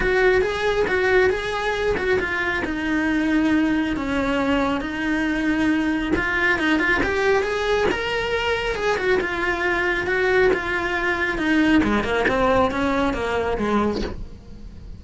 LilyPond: \new Staff \with { instrumentName = "cello" } { \time 4/4 \tempo 4 = 137 fis'4 gis'4 fis'4 gis'4~ | gis'8 fis'8 f'4 dis'2~ | dis'4 cis'2 dis'4~ | dis'2 f'4 dis'8 f'8 |
g'4 gis'4 ais'2 | gis'8 fis'8 f'2 fis'4 | f'2 dis'4 gis8 ais8 | c'4 cis'4 ais4 gis4 | }